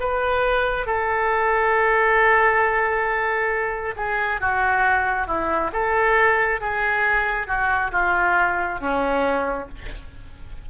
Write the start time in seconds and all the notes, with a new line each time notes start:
0.00 B4
0.86 A4
3.96 G#4
4.41 F#4
5.27 E4
5.73 A4
6.61 G#4
7.47 F#4
7.92 F4
8.80 C#4